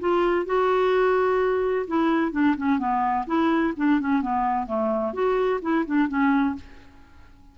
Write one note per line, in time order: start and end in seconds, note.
0.00 0.46 F4
0.46 1.86 F#4
1.88 2.32 E4
2.32 2.55 D4
2.57 2.79 C#4
2.79 3.26 B3
3.27 3.74 E4
3.77 4.00 D4
4.01 4.22 C#4
4.22 4.67 B3
4.67 5.13 A3
5.13 5.60 F#4
5.62 5.85 E4
5.86 6.09 D4
6.09 6.55 C#4